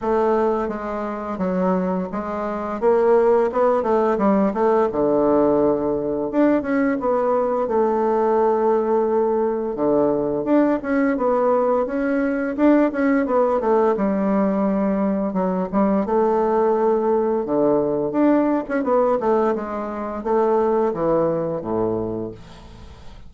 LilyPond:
\new Staff \with { instrumentName = "bassoon" } { \time 4/4 \tempo 4 = 86 a4 gis4 fis4 gis4 | ais4 b8 a8 g8 a8 d4~ | d4 d'8 cis'8 b4 a4~ | a2 d4 d'8 cis'8 |
b4 cis'4 d'8 cis'8 b8 a8 | g2 fis8 g8 a4~ | a4 d4 d'8. cis'16 b8 a8 | gis4 a4 e4 a,4 | }